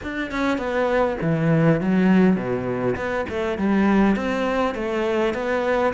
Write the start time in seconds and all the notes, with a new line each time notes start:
0.02 D4
0.31 C#4
0.58 B3
1.21 E3
1.80 F#3
2.36 B2
2.95 B3
3.29 A3
3.58 G3
4.16 C4
4.74 A3
5.33 B3